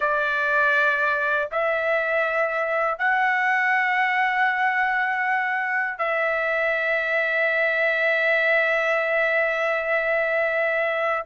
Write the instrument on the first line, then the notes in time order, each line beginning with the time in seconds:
trumpet
0.00 D5
1.51 E5
2.98 F#5
5.98 E5